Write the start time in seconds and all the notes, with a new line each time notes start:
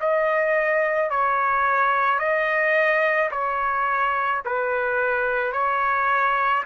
0.00 D#5
1.10 C#5
2.19 D#5
3.31 C#5
4.45 B4
5.53 C#5